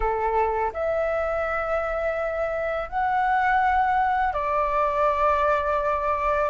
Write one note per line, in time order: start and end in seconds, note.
0.00 0.72 A4
0.73 2.89 E5
2.89 4.33 F#5
4.33 6.49 D5